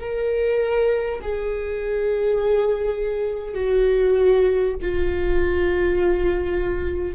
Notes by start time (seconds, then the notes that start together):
0.00 A#4
1.22 G#4
3.55 F#4
4.82 F4